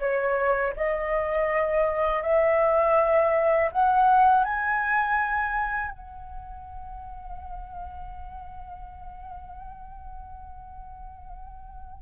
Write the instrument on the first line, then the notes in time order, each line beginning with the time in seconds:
flute
0.00 C#5
0.77 D#5
2.23 E5
3.72 F#5
4.45 G#5
5.92 F#5